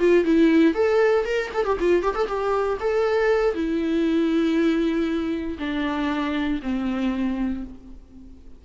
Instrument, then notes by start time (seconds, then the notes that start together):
viola
0.00 F4
0.25 E4
0.74 A4
1.25 A#4
1.54 A4
1.65 G4
1.81 F4
2.03 G4
2.16 A4
2.27 G4
2.81 A4
3.55 E4
5.59 D4
6.62 C4